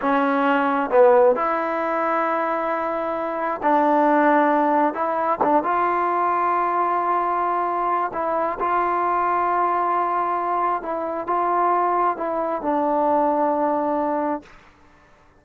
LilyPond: \new Staff \with { instrumentName = "trombone" } { \time 4/4 \tempo 4 = 133 cis'2 b4 e'4~ | e'1 | d'2. e'4 | d'8 f'2.~ f'8~ |
f'2 e'4 f'4~ | f'1 | e'4 f'2 e'4 | d'1 | }